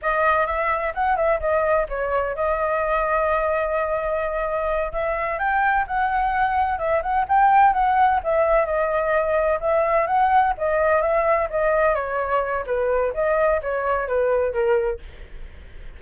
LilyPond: \new Staff \with { instrumentName = "flute" } { \time 4/4 \tempo 4 = 128 dis''4 e''4 fis''8 e''8 dis''4 | cis''4 dis''2.~ | dis''2~ dis''8 e''4 g''8~ | g''8 fis''2 e''8 fis''8 g''8~ |
g''8 fis''4 e''4 dis''4.~ | dis''8 e''4 fis''4 dis''4 e''8~ | e''8 dis''4 cis''4. b'4 | dis''4 cis''4 b'4 ais'4 | }